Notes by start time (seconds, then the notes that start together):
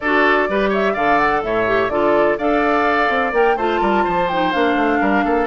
0.00 D4 F#4 A4 D5
0.48 G3 G4 B4
0.69 C#5 E5
0.93 D3 A4 D5 F5
1.18 F#5
1.43 A2 C#5 E5
1.66 G4
1.89 D3 F4 A4 D5
2.38 D4 A4 D5 F5
3.09 C4
3.32 A#3 A#4 G5
3.56 A3 F4 C5 A5
3.80 G3 A#4
4.03 F3 C5
4.28 D#4 G5
4.52 A#3 D4 F5
4.75 A3
5.00 G3 A#4
5.24 A#3 A4